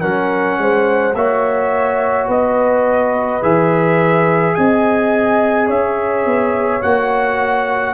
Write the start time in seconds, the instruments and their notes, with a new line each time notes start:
0.00 tuba F#3, trombone C#4, horn A#4, trumpet F#5
0.58 tuba G#3, horn C5
1.14 tuba A#3, trombone F#4, horn C#5, trumpet E5
2.28 tuba B3, horn B4, trumpet D#5
3.42 tuba E3, trombone G#4, trumpet E5
4.55 tuba C4, horn D#5, trumpet G#5
5.67 tuba C#4, horn C#5, trumpet E5
6.25 tuba B3
6.82 tuba A#3, trombone F#4, trumpet F#5